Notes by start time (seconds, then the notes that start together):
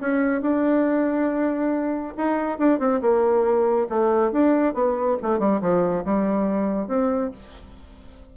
0.00 C#4
0.41 D4
2.17 D#4
2.58 D4
2.79 C4
3.01 A#3
3.89 A3
4.32 D4
4.74 B3
5.22 A3
5.39 G3
5.61 F3
6.05 G3
6.87 C4